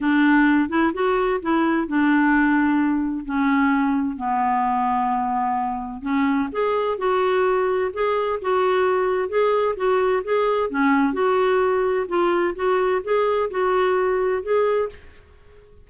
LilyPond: \new Staff \with { instrumentName = "clarinet" } { \time 4/4 \tempo 4 = 129 d'4. e'8 fis'4 e'4 | d'2. cis'4~ | cis'4 b2.~ | b4 cis'4 gis'4 fis'4~ |
fis'4 gis'4 fis'2 | gis'4 fis'4 gis'4 cis'4 | fis'2 f'4 fis'4 | gis'4 fis'2 gis'4 | }